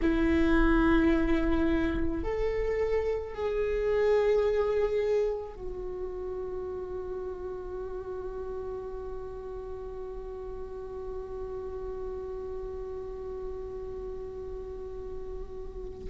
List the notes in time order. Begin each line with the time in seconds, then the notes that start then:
0.02 E4
2.23 A4
3.34 G#4
5.53 F#4